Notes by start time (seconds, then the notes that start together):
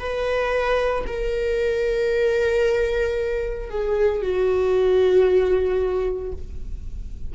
0.00 B4
1.07 A#4
3.70 G#4
4.22 F#4